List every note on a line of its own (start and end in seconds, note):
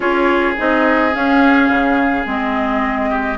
0.00 0.56 C#4
0.00 0.56 F4
0.00 3.10 G#4
0.00 0.54 C#5
0.57 1.15 C4
0.57 1.11 D#4
0.57 1.14 D#5
1.11 2.25 C#4
1.11 1.68 C#4
1.11 2.27 F5
1.68 2.25 C#3
2.25 3.37 G#3
2.25 3.37 C4
2.25 3.37 D#5
3.10 3.37 G4